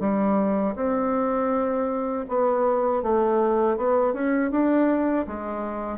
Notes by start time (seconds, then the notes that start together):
0.00 G3
0.75 C4
2.29 B3
3.02 A3
3.77 B3
4.14 C#4
4.51 D4
5.27 G#3